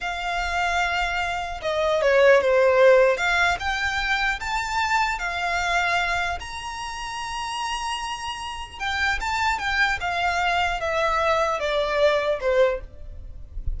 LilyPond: \new Staff \with { instrumentName = "violin" } { \time 4/4 \tempo 4 = 150 f''1 | dis''4 cis''4 c''2 | f''4 g''2 a''4~ | a''4 f''2. |
ais''1~ | ais''2 g''4 a''4 | g''4 f''2 e''4~ | e''4 d''2 c''4 | }